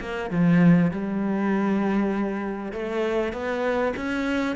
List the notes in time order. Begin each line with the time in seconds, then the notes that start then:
0.00 A#3
0.31 F3
0.91 G3
2.72 A3
3.33 B3
3.96 C#4